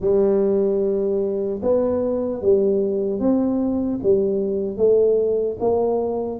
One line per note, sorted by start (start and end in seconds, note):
0.00 1.60 G3
1.62 2.41 B3
2.41 3.19 G3
3.19 3.99 C4
4.02 4.77 G3
4.77 5.57 A3
5.60 6.39 A#3